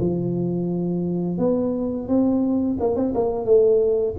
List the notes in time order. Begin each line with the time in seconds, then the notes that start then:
0.00 F3
1.38 B3
2.08 C4
2.80 A#3
2.96 C4
3.14 A#3
3.45 A3